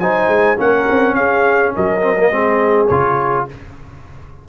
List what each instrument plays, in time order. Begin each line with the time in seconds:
0.00 tuba F#3, trombone D#4, horn C5, trumpet G#5
0.28 tuba G#3
0.57 tuba A#3, trombone C#4, horn A#4, trumpet F#5
0.90 tuba C4
1.15 tuba C#4, horn G#4, trumpet F5
1.75 tuba F#3, horn A#4, trumpet D#5
2.01 trombone C4
2.17 trombone A#3
2.30 tuba G#3, trombone C4, horn G#4
2.87 tuba C#3, trombone F4, trumpet C#5